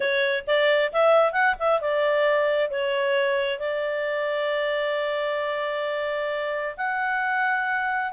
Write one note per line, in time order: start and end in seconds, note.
0.00 0.44 C#5
0.46 0.91 D5
0.92 1.32 E5
1.32 1.55 F#5
1.59 1.80 E5
1.80 2.70 D5
2.70 3.59 C#5
3.59 6.75 D5
6.77 8.12 F#5